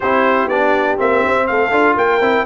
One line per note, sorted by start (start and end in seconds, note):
0.00 0.47 C4
0.00 0.51 E4
0.00 1.47 G4
0.00 0.48 C5
0.47 0.96 B3
0.47 0.97 D4
0.47 0.97 D5
0.97 1.24 A#3
0.97 1.71 C4
0.97 1.46 E5
1.26 1.49 C4
1.46 1.71 A3
1.46 1.97 A4
1.46 1.95 F5
1.71 1.95 D4
1.71 2.21 F4
1.97 2.20 A#3
1.97 2.45 A#4
1.97 2.45 G5
2.20 2.45 C4
2.20 2.45 E4